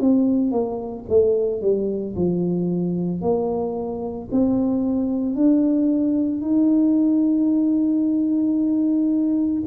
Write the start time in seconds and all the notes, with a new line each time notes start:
0.00 C4
0.51 A#3
1.09 A3
1.61 G3
2.16 F3
3.21 A#3
4.31 C4
5.36 D4
6.41 D#4